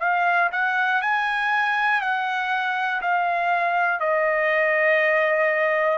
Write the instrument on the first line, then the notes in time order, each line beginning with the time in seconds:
trumpet
0.00 F5
0.52 F#5
1.02 G#5
2.01 F#5
3.01 F5
4.00 D#5